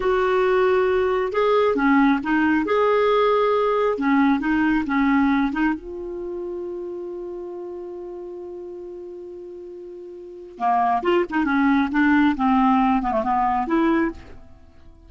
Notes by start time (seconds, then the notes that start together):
0.00 F#4
1.32 G#4
1.75 C#4
2.23 D#4
2.65 G#4
3.98 C#4
4.40 D#4
4.86 C#4
5.52 D#4
5.74 F4
10.58 A#3
11.03 F4
11.30 D#4
11.44 C#4
11.91 D4
12.36 C4
13.02 B3
13.12 A3
13.23 B3
13.67 E4